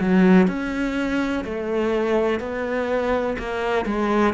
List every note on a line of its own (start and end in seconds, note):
0.00 0.47 F#3
0.47 1.44 C#4
1.45 2.40 A3
2.40 3.37 B3
3.38 3.85 A#3
3.85 4.34 G#3